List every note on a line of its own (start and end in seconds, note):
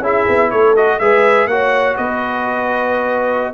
0.00 0.24 C#4
0.00 0.76 E4
0.00 0.51 G#4
0.00 0.51 E5
0.28 0.52 B3
0.51 1.01 A3
0.51 1.00 A4
0.51 0.75 C#5
0.76 1.00 F#4
0.76 0.99 D#5
0.99 1.47 G#3
0.99 1.49 G#4
0.99 1.50 B4
0.99 1.47 E5
1.47 1.95 A#3
1.47 3.54 F#4
1.47 1.96 C#5
1.47 1.96 F#5
1.96 3.54 B3
1.96 3.54 B4
1.96 3.54 D#5